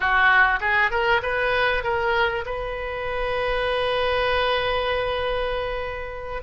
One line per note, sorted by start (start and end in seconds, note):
0.00 0.59 F#4
0.60 0.90 G#4
0.90 1.21 A#4
1.22 1.83 B4
1.83 2.44 A#4
2.45 6.43 B4